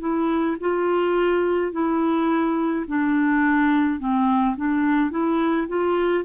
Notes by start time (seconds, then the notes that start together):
0.00 E4
0.60 F4
1.72 E4
2.87 D4
3.99 C4
4.56 D4
5.11 E4
5.68 F4